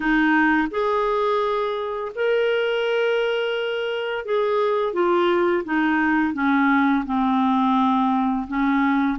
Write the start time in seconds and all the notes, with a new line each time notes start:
0.00 D#4
0.70 G#4
2.15 A#4
4.25 G#4
4.93 F4
5.64 D#4
6.33 C#4
7.05 C4
8.47 C#4